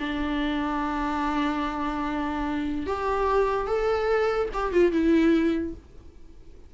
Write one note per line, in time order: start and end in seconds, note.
0.00 2.87 D4
2.87 3.67 G4
3.67 4.50 A4
4.54 4.73 G4
4.73 4.92 F4
4.92 5.74 E4